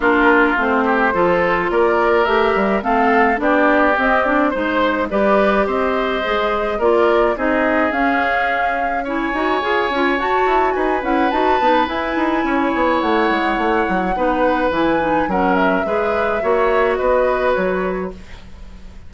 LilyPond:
<<
  \new Staff \with { instrumentName = "flute" } { \time 4/4 \tempo 4 = 106 ais'4 c''2 d''4 | e''4 f''4 d''4 dis''8 d''8 | c''4 d''4 dis''2 | d''4 dis''4 f''2 |
gis''2 a''4 gis''8 fis''8 | a''4 gis''2 fis''4~ | fis''2 gis''4 fis''8 e''8~ | e''2 dis''4 cis''4 | }
  \new Staff \with { instrumentName = "oboe" } { \time 4/4 f'4. g'8 a'4 ais'4~ | ais'4 a'4 g'2 | c''4 b'4 c''2 | ais'4 gis'2. |
cis''2. b'4~ | b'2 cis''2~ | cis''4 b'2 ais'4 | b'4 cis''4 b'2 | }
  \new Staff \with { instrumentName = "clarinet" } { \time 4/4 d'4 c'4 f'2 | g'4 c'4 d'4 c'8 d'8 | dis'4 g'2 gis'4 | f'4 dis'4 cis'2 |
e'8 fis'8 gis'8 f'8 fis'4. e'8 | fis'8 dis'8 e'2.~ | e'4 dis'4 e'8 dis'8 cis'4 | gis'4 fis'2. | }
  \new Staff \with { instrumentName = "bassoon" } { \time 4/4 ais4 a4 f4 ais4 | a8 g8 a4 b4 c'4 | gis4 g4 c'4 gis4 | ais4 c'4 cis'2~ |
cis'8 dis'8 f'8 cis'8 fis'8 e'8 dis'8 cis'8 | dis'8 b8 e'8 dis'8 cis'8 b8 a8 gis8 | a8 fis8 b4 e4 fis4 | gis4 ais4 b4 fis4 | }
>>